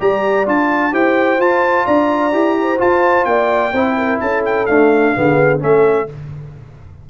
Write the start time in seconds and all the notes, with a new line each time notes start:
0.00 G3 G4 D5 A#5
0.47 D4 F4 A5
0.93 E4 G4 C5 G5
1.39 F4 A5
1.86 D4 D5 A#5
2.33 E4 G4
2.62 C5
2.79 F4 A5
3.25 A#3 D5 G5
3.73 C4 E4 C5
3.98 A#4
4.20 C#4 A4 A5
4.46 G5
4.67 A3 D4 F5
5.16 D3 B3 G#4
5.60 A3 C#4 A4 E5